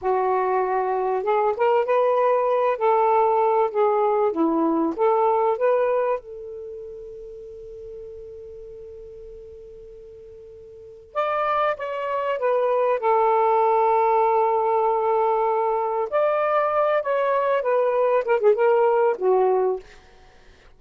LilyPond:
\new Staff \with { instrumentName = "saxophone" } { \time 4/4 \tempo 4 = 97 fis'2 gis'8 ais'8 b'4~ | b'8 a'4. gis'4 e'4 | a'4 b'4 a'2~ | a'1~ |
a'2 d''4 cis''4 | b'4 a'2.~ | a'2 d''4. cis''8~ | cis''8 b'4 ais'16 gis'16 ais'4 fis'4 | }